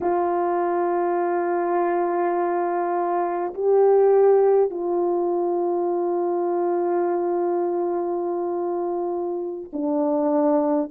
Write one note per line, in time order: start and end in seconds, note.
0.00 3.53 F4
3.53 4.70 G4
4.70 9.70 F4
9.73 10.90 D4